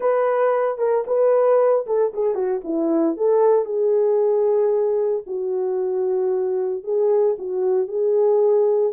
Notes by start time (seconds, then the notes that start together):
0.00 B4
0.78 A#4
1.06 B4
1.86 A4
2.13 G#4
2.34 F#4
2.64 E4
3.17 A4
3.65 G#4
5.26 F#4
6.83 G#4
7.38 F#4
7.87 G#4